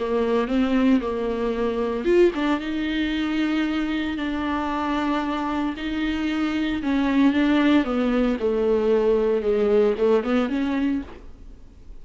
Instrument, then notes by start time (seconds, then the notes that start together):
viola
0.00 A#3
0.48 C4
1.01 A#3
2.05 F4
2.35 D4
2.61 D#4
4.18 D4
5.77 D#4
6.83 C#4
7.34 D4
7.85 B3
8.40 A3
9.43 G#3
9.99 A3
10.24 B3
10.50 C#4